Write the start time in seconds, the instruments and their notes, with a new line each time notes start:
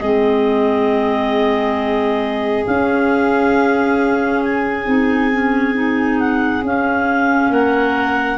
0.00 tuba G#3, clarinet C4 D#5, violin G#4
2.67 clarinet C#4 F5, tuba C#4
4.44 clarinet G#5
4.86 tuba C4, clarinet D#4
5.33 clarinet C#4
5.75 clarinet D#4
6.20 clarinet F#5
6.63 tuba C#4, clarinet C#4 F5
7.50 tuba A#3, violin A#4, clarinet F#5